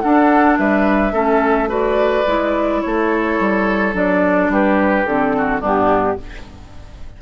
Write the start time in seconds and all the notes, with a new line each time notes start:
0.00 D4 A4 F#5
0.57 G3 B4 E5
1.12 A3 C#4 A4
1.68 F#4 B4 D5
2.26 G#3 E4
2.81 A3 A4 C#5
3.39 G3
3.93 F#3 D4 D5
4.48 G3 G4 B4
5.05 D3 C4 A4
5.37 F#4
5.60 G2 B3 D4 G4